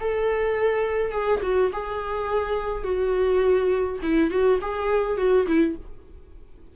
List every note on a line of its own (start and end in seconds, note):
0.00 1.12 A4
1.12 1.41 G#4
1.42 1.71 F#4
1.72 2.83 G#4
2.83 3.99 F#4
4.03 4.30 E4
4.30 4.59 F#4
4.61 5.17 G#4
5.17 5.46 F#4
5.47 5.75 E4